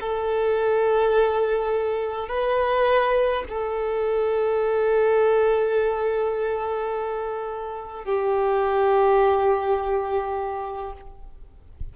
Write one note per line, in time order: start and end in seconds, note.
0.00 2.28 A4
2.28 3.43 B4
3.48 8.04 A4
8.04 10.92 G4